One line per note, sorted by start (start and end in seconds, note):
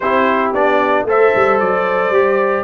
0.00 0.54 C4
0.00 0.54 E4
0.00 1.07 G4
0.00 0.52 C5
0.53 1.03 B3
0.53 1.07 D4
0.53 1.06 D5
1.03 1.30 A3
1.03 2.13 A4
1.03 2.64 C5
1.03 1.59 E5
1.35 1.61 G3
1.59 2.09 F#3
1.59 2.64 D5
2.09 2.62 G3
2.09 2.64 G4